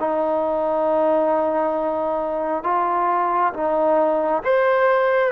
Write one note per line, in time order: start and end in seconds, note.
0.00 2.63 D#4
2.63 3.53 F4
3.54 4.43 D#4
4.44 5.32 C5